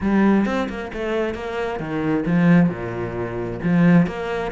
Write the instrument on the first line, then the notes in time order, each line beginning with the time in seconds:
cello
0.00 G3
0.45 C4
0.69 A#3
0.93 A3
1.34 A#3
1.79 D#3
2.26 F3
2.69 A#2
3.63 F3
4.06 A#3